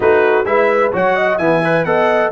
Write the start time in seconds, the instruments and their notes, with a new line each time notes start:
0.00 tuba A3, trombone D#4, horn F#4, trumpet B4
0.45 tuba G#3, trombone E4, horn B4, trumpet E5
0.92 tuba F#3, trombone F#4, horn C#5, trumpet F#5
1.15 horn D#5
1.38 tuba E3, trombone B3, horn E5, trumpet G#5
1.64 trombone B4
1.84 tuba B3, trombone A4, horn D#5, trumpet F#5